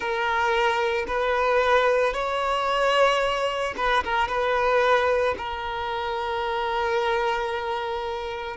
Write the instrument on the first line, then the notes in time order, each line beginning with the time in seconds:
violin
0.00 A#4
1.07 B4
2.13 C#5
3.76 B4
4.04 A#4
4.28 B4
5.37 A#4